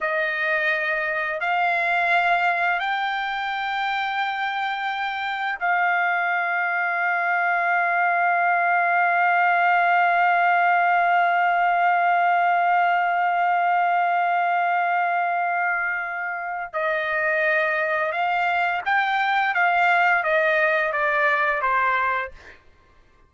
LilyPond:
\new Staff \with { instrumentName = "trumpet" } { \time 4/4 \tempo 4 = 86 dis''2 f''2 | g''1 | f''1~ | f''1~ |
f''1~ | f''1 | dis''2 f''4 g''4 | f''4 dis''4 d''4 c''4 | }